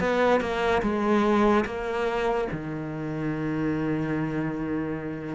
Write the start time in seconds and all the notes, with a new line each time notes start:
0.00 B3
0.41 A#3
0.83 G#3
1.66 A#3
2.52 D#3